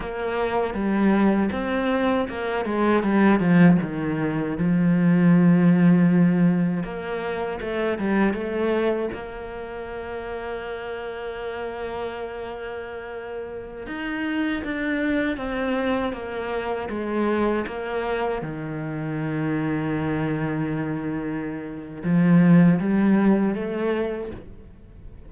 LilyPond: \new Staff \with { instrumentName = "cello" } { \time 4/4 \tempo 4 = 79 ais4 g4 c'4 ais8 gis8 | g8 f8 dis4 f2~ | f4 ais4 a8 g8 a4 | ais1~ |
ais2~ ais16 dis'4 d'8.~ | d'16 c'4 ais4 gis4 ais8.~ | ais16 dis2.~ dis8.~ | dis4 f4 g4 a4 | }